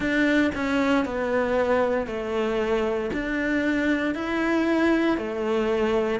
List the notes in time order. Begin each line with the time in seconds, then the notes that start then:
0.00 D4
0.55 C#4
1.05 B3
2.06 A3
3.13 D4
4.14 E4
5.17 A3